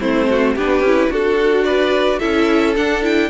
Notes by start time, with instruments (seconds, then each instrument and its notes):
0.00 cello A3, viola C4, violin E4 C5
0.29 violin F#4
0.55 cello B3, viola D4, violin G4 B4
0.80 cello C#4
0.86 viola E4
1.09 cello D4, violin F#4 A4, viola F#4
1.64 violin B4 D5
2.19 cello C#4, viola E4, violin A4 E5
2.76 viola D4, cello D4, violin F#5
3.02 viola E4, violin G5